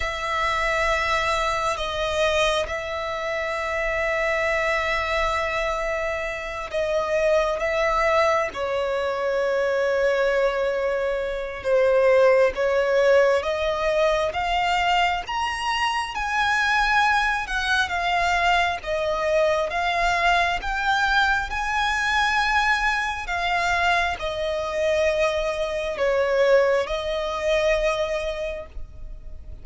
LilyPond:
\new Staff \with { instrumentName = "violin" } { \time 4/4 \tempo 4 = 67 e''2 dis''4 e''4~ | e''2.~ e''8 dis''8~ | dis''8 e''4 cis''2~ cis''8~ | cis''4 c''4 cis''4 dis''4 |
f''4 ais''4 gis''4. fis''8 | f''4 dis''4 f''4 g''4 | gis''2 f''4 dis''4~ | dis''4 cis''4 dis''2 | }